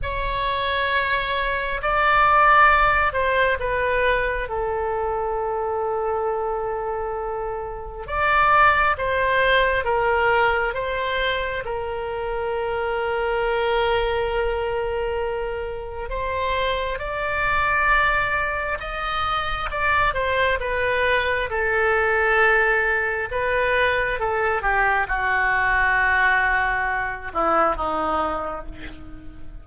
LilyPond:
\new Staff \with { instrumentName = "oboe" } { \time 4/4 \tempo 4 = 67 cis''2 d''4. c''8 | b'4 a'2.~ | a'4 d''4 c''4 ais'4 | c''4 ais'2.~ |
ais'2 c''4 d''4~ | d''4 dis''4 d''8 c''8 b'4 | a'2 b'4 a'8 g'8 | fis'2~ fis'8 e'8 dis'4 | }